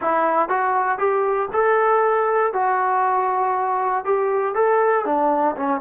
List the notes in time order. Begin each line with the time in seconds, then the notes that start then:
0.01 E4
0.48 F#4
0.98 G4
1.52 A4
2.53 F#4
4.04 G4
4.54 A4
5.05 D4
5.56 C#4